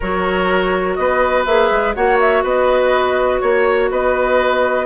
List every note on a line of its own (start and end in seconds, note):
0.00 0.98 F#3
0.00 1.47 F#4
0.00 0.97 A#4
0.00 0.95 C#5
0.95 1.46 B3
0.95 1.96 B4
0.95 1.43 D#5
1.45 1.71 A#3
1.45 1.95 G#4
1.45 1.94 E5
1.71 1.95 G#3
1.94 2.43 A#3
1.94 4.86 F#4
1.94 2.43 C#5
1.94 2.19 F#5
2.20 2.44 E5
2.43 3.41 B3
2.43 3.41 B4
2.43 3.39 D#5
3.39 3.90 A#3
3.39 3.88 C#5
3.39 3.90 C#5
3.90 4.86 B3
3.90 4.86 B4
3.90 4.86 D#5